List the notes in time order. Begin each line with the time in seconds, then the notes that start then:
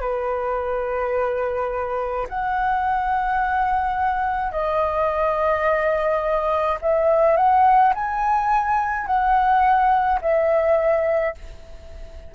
0.00 B4
2.28 F#5
4.51 D#5
6.81 E5
7.36 F#5
7.94 G#5
9.06 F#5
10.21 E5